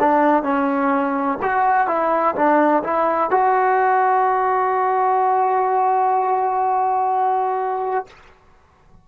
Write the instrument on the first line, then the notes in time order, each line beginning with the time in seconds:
trombone
0.00 D4
0.43 C#4
1.42 F#4
1.87 E4
2.35 D4
2.83 E4
3.30 F#4